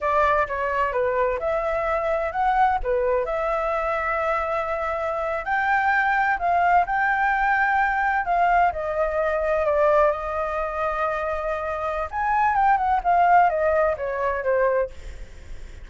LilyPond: \new Staff \with { instrumentName = "flute" } { \time 4/4 \tempo 4 = 129 d''4 cis''4 b'4 e''4~ | e''4 fis''4 b'4 e''4~ | e''2.~ e''8. g''16~ | g''4.~ g''16 f''4 g''4~ g''16~ |
g''4.~ g''16 f''4 dis''4~ dis''16~ | dis''8. d''4 dis''2~ dis''16~ | dis''2 gis''4 g''8 fis''8 | f''4 dis''4 cis''4 c''4 | }